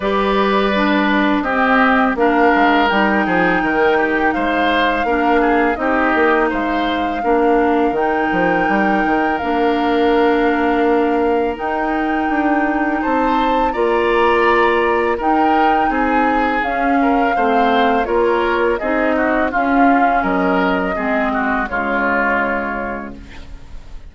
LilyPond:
<<
  \new Staff \with { instrumentName = "flute" } { \time 4/4 \tempo 4 = 83 d''2 dis''4 f''4 | g''2 f''2 | dis''4 f''2 g''4~ | g''4 f''2. |
g''2 a''4 ais''4~ | ais''4 g''4 gis''4 f''4~ | f''4 cis''4 dis''4 f''4 | dis''2 cis''2 | }
  \new Staff \with { instrumentName = "oboe" } { \time 4/4 b'2 g'4 ais'4~ | ais'8 gis'8 ais'8 g'8 c''4 ais'8 gis'8 | g'4 c''4 ais'2~ | ais'1~ |
ais'2 c''4 d''4~ | d''4 ais'4 gis'4. ais'8 | c''4 ais'4 gis'8 fis'8 f'4 | ais'4 gis'8 fis'8 f'2 | }
  \new Staff \with { instrumentName = "clarinet" } { \time 4/4 g'4 d'4 c'4 d'4 | dis'2. d'4 | dis'2 d'4 dis'4~ | dis'4 d'2. |
dis'2. f'4~ | f'4 dis'2 cis'4 | c'4 f'4 dis'4 cis'4~ | cis'4 c'4 gis2 | }
  \new Staff \with { instrumentName = "bassoon" } { \time 4/4 g2 c'4 ais8 gis8 | g8 f8 dis4 gis4 ais4 | c'8 ais8 gis4 ais4 dis8 f8 | g8 dis8 ais2. |
dis'4 d'4 c'4 ais4~ | ais4 dis'4 c'4 cis'4 | a4 ais4 c'4 cis'4 | fis4 gis4 cis2 | }
>>